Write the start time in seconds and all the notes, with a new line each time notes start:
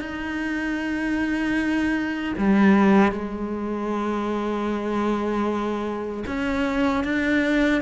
0.00 D#4
2.37 G3
3.12 G#3
6.27 C#4
7.03 D4